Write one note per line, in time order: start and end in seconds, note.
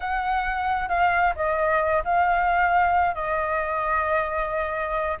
0.00 0.88 F#5
0.88 1.33 F5
1.35 2.03 D#5
2.04 3.15 F5
3.15 5.18 D#5